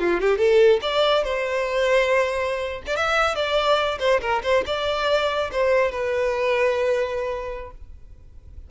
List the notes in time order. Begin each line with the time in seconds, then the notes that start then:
0.00 F4
0.21 G4
0.38 A4
0.82 D5
1.24 C5
2.87 D5
2.97 E5
3.36 D5
4.00 C5
4.22 A#4
4.44 C5
4.67 D5
5.52 C5
5.92 B4